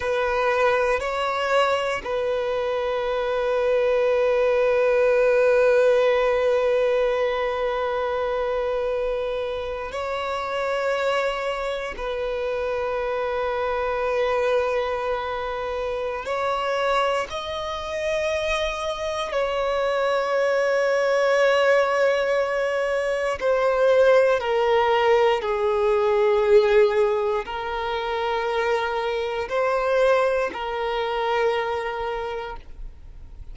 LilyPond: \new Staff \with { instrumentName = "violin" } { \time 4/4 \tempo 4 = 59 b'4 cis''4 b'2~ | b'1~ | b'4.~ b'16 cis''2 b'16~ | b'1 |
cis''4 dis''2 cis''4~ | cis''2. c''4 | ais'4 gis'2 ais'4~ | ais'4 c''4 ais'2 | }